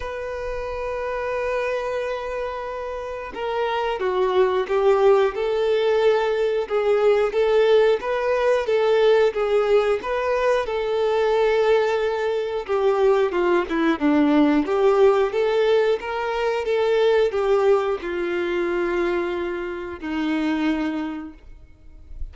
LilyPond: \new Staff \with { instrumentName = "violin" } { \time 4/4 \tempo 4 = 90 b'1~ | b'4 ais'4 fis'4 g'4 | a'2 gis'4 a'4 | b'4 a'4 gis'4 b'4 |
a'2. g'4 | f'8 e'8 d'4 g'4 a'4 | ais'4 a'4 g'4 f'4~ | f'2 dis'2 | }